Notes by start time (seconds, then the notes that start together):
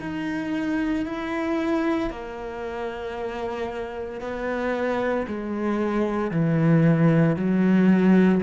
0.00 D#4
1.05 E4
2.10 A#3
4.21 B3
5.27 G#3
6.31 E3
7.36 F#3